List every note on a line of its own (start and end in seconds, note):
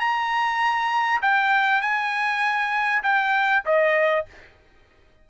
0.00 1.21 A#5
1.22 1.82 G5
1.82 3.03 G#5
3.03 3.63 G5
3.65 4.26 D#5